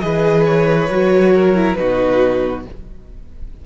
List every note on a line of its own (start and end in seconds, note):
0.00 0.90 E3
0.00 0.89 G#4
0.00 1.34 B4
0.00 0.43 D#5
0.46 1.74 C#5
0.90 1.77 F#3
0.90 1.56 F#4
1.35 1.79 A#4
1.56 1.77 E4
1.74 2.66 B2
1.74 2.65 D#4
1.74 2.66 F#4
1.74 2.61 B4